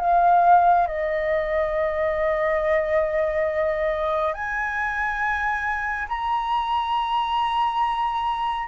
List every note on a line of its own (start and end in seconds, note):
0.00 0.87 F5
0.87 4.34 D#5
4.34 6.08 G#5
6.08 8.68 A#5